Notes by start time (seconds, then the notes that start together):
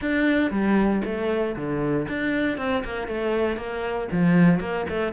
0.01 D4
0.50 G3
1.04 A3
1.55 D3
2.08 D4
2.57 C4
2.84 A#3
3.07 A3
3.56 A#3
4.11 F3
4.59 A#3
4.89 A3